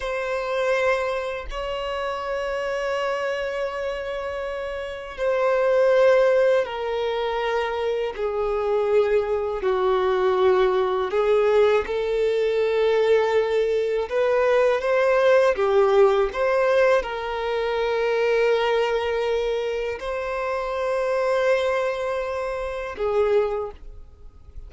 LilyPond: \new Staff \with { instrumentName = "violin" } { \time 4/4 \tempo 4 = 81 c''2 cis''2~ | cis''2. c''4~ | c''4 ais'2 gis'4~ | gis'4 fis'2 gis'4 |
a'2. b'4 | c''4 g'4 c''4 ais'4~ | ais'2. c''4~ | c''2. gis'4 | }